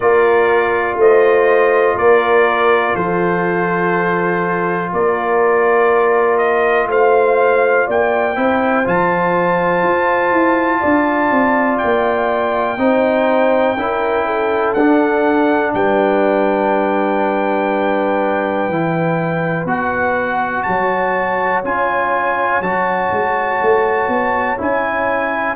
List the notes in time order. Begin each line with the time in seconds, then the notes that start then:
0.00 A#3 F4 A#4 D5
0.96 A3 C5 D#5
1.94 A#3 A#4 D5
2.94 F3 A4 C5
4.92 A#3 A#4 D5
6.37 D#5
6.87 A3 C5 F5
7.86 A#3 D5 G5
8.35 C4 E4 C5
8.84 F3 F4 A5
9.83 F4
10.32 E4
10.80 D4 D5
11.30 C4
11.78 A#3 G5
12.77 C4 D#4 C5
13.76 C#4 E4 A#4
14.25 A4
14.73 D4 F#5
15.74 G3 B4 G5
18.68 E3 E4
19.65 B3 F#4 F#5
20.62 F#3 C#5 A5
21.64 C#4 F4 G#5
22.60 F#3 F#4 A5
23.11 G#3
23.61 A3
24.08 B3
24.57 C#4 E4 G#5